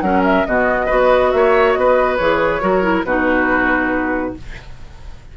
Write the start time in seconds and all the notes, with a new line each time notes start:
0.00 F#3 C#4 A#4 F#5
0.24 E5
0.45 B2 B3 F#4 D#5
0.86 B3 F#4 B4
1.31 A#3 C#5 E5
1.73 B3 B4 D#5
2.17 E3 G#4 C#5
2.60 F#3 F#4 A#4
2.82 E4
3.04 B2 D#4 F#4 B4